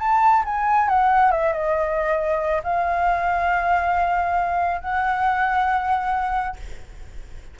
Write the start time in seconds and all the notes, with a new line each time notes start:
0.00 A5
0.45 G#5
0.89 F#5
1.32 E5
1.53 D#5
2.64 F5
4.82 F#5